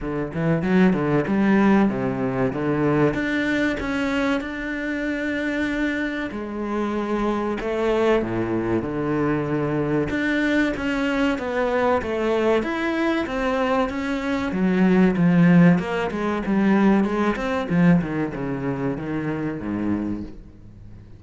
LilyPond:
\new Staff \with { instrumentName = "cello" } { \time 4/4 \tempo 4 = 95 d8 e8 fis8 d8 g4 c4 | d4 d'4 cis'4 d'4~ | d'2 gis2 | a4 a,4 d2 |
d'4 cis'4 b4 a4 | e'4 c'4 cis'4 fis4 | f4 ais8 gis8 g4 gis8 c'8 | f8 dis8 cis4 dis4 gis,4 | }